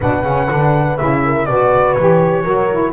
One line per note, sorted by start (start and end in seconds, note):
0.00 0.23 B2
0.00 0.25 D4
0.00 1.20 B4
0.00 0.97 F#5
0.23 0.48 C#3
0.23 0.49 C#4
0.49 1.00 D3
0.49 0.98 D4
0.97 1.48 C#3
0.97 1.48 E4
0.97 1.45 E5
1.24 1.47 A#4
1.45 1.97 B2
1.45 1.99 F#4
1.45 2.44 B4
1.45 1.92 D5
1.92 2.91 C#5
1.98 2.45 E3
1.98 2.44 G4
2.44 2.93 F#3
2.44 2.69 F#4
2.44 2.93 A#4
2.70 2.93 E4